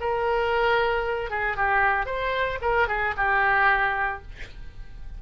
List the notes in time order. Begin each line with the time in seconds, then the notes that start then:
0.00 A#4
1.30 G#4
1.56 G4
2.06 C5
2.61 A#4
2.88 G#4
3.17 G4